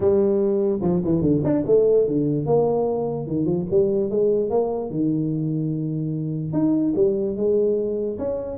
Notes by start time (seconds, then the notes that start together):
0.00 G3
0.81 F3
1.04 E3
1.21 D3
1.43 D4
1.66 A3
2.07 D3
2.45 A#3
3.26 D#3
3.45 F3
3.70 G3
4.09 G#3
4.50 A#3
4.90 D#3
6.52 D#4
6.95 G3
7.36 G#3
8.18 C#4